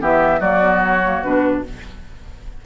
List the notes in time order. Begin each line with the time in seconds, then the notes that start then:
0.00 E3 B3 G4 E5
0.40 F#3 A#3 F#4 D5
0.61 B3
0.83 C#5
1.04 A#3
1.23 B2 D4 B4